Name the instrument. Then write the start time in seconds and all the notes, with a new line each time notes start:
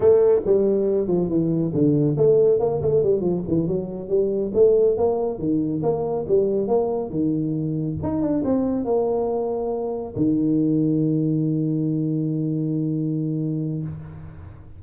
tuba
0.00 A3
0.45 G3
1.07 F3
1.28 E3
1.73 D3
2.17 A3
2.59 A#3
2.81 A3
3.03 G3
3.20 F3
3.47 E3
3.67 F#3
4.08 G3
4.54 A3
4.97 A#3
5.38 D#3
5.83 A#3
6.28 G3
6.67 A#3
7.10 D#3
8.02 D#4
8.21 D4
8.44 C4
8.84 A#3
10.16 D#3